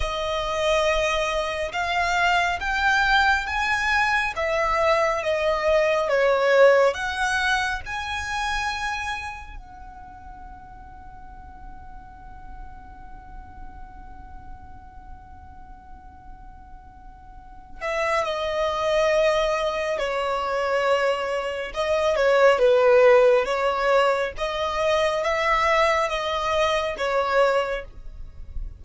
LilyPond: \new Staff \with { instrumentName = "violin" } { \time 4/4 \tempo 4 = 69 dis''2 f''4 g''4 | gis''4 e''4 dis''4 cis''4 | fis''4 gis''2 fis''4~ | fis''1~ |
fis''1~ | fis''8 e''8 dis''2 cis''4~ | cis''4 dis''8 cis''8 b'4 cis''4 | dis''4 e''4 dis''4 cis''4 | }